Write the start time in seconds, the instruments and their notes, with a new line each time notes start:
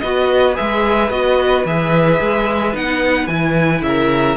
0.00 cello B3, viola F#4, violin B4 D#5
0.55 cello G#3, viola G#4, violin E5
1.10 cello B3, viola F#4, violin D#5
1.65 cello E3, viola G#4, violin E5
2.20 cello G#3
2.73 cello B3, viola D#4, violin F#5
3.27 cello E3, viola E4, violin G#5
3.82 cello C#3, violin A#4 E5